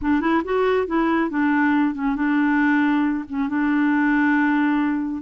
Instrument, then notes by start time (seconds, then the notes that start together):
clarinet
0.01 D4
0.20 E4
0.44 F#4
0.86 E4
1.30 D4
1.94 C#4
2.15 D4
3.29 C#4
3.48 D4